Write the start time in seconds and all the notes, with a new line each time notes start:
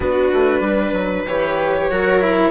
0.00 B3 D4 F#4 B4
0.33 A3
0.60 G3 B4
0.92 F#3
1.27 E3 G4 C#5
1.90 F#3 F#4 A#4
2.21 E4